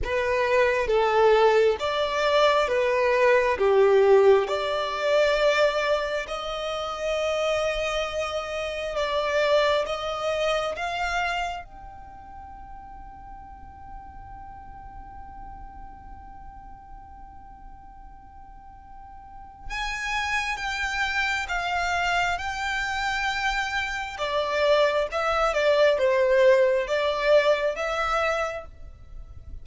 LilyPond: \new Staff \with { instrumentName = "violin" } { \time 4/4 \tempo 4 = 67 b'4 a'4 d''4 b'4 | g'4 d''2 dis''4~ | dis''2 d''4 dis''4 | f''4 g''2.~ |
g''1~ | g''2 gis''4 g''4 | f''4 g''2 d''4 | e''8 d''8 c''4 d''4 e''4 | }